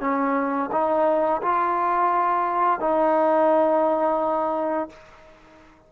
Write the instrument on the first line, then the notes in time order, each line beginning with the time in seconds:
trombone
0.00 C#4
0.72 D#4
1.42 F4
2.80 D#4